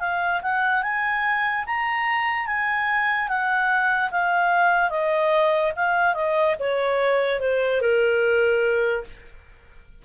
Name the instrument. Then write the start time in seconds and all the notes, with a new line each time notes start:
clarinet
0.00 F5
0.43 F#5
0.83 G#5
1.66 A#5
2.47 G#5
3.28 F#5
4.11 F5
4.90 D#5
5.76 F5
6.15 D#5
6.59 C#5
7.40 C5
7.81 A#4